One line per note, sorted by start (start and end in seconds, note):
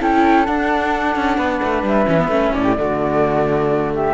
0.00 0.47 C#4
0.00 0.46 E4
0.00 1.37 A4
0.00 0.45 G5
0.45 2.07 D4
0.45 1.15 D4
0.45 1.84 F#5
1.15 1.37 C#4
1.37 1.60 B3
1.37 2.52 B4
1.62 1.83 A3
1.83 2.06 G3
1.83 2.54 E5
2.07 2.28 E3
2.07 2.17 C#4
2.17 2.29 B3
2.28 2.51 A3
2.28 2.76 C#4
2.54 2.78 A2
2.54 2.63 A4
2.54 3.92 D5
2.63 2.75 G4
2.77 4.13 D3
2.77 4.13 A3
2.77 3.93 F#4
3.94 4.13 G4
3.94 4.13 E5